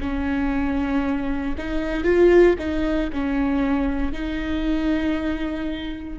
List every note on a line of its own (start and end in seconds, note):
0.00 1.55 C#4
1.58 2.04 D#4
2.04 2.55 F4
2.58 3.10 D#4
3.12 4.12 C#4
4.12 6.19 D#4